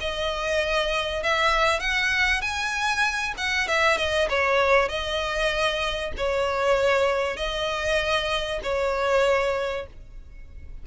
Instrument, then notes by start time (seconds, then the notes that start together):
violin
0.00 D#5
1.23 E5
1.80 F#5
2.41 G#5
3.37 F#5
3.68 E5
3.97 D#5
4.29 C#5
4.88 D#5
6.17 C#5
7.36 D#5
8.63 C#5